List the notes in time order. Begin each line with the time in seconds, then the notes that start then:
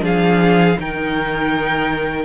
0.00 F3 D4 G#4 F5
0.79 D#3 D#4 A#4 G5